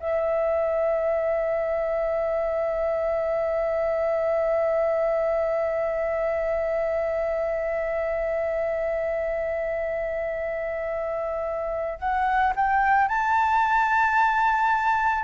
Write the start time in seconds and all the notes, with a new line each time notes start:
0.00 E5
12.00 F#5
12.57 G5
13.09 A5